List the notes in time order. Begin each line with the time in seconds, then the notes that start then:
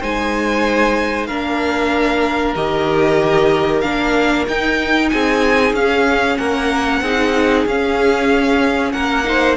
0.00 G#3 D#4 C5 G#5
1.26 A#3 D4 A#4 F5
2.56 D#3 G4 D#5
3.81 A#3 D4 F5
4.48 D#4 G5
5.09 C4 G#4 G#5
5.73 C#4 F5
6.38 A#3 A#4 F#5
7.01 C4 D#4 G#4
7.66 C#4 F5
8.92 A#3 A#4 F#5
9.24 D#4 C5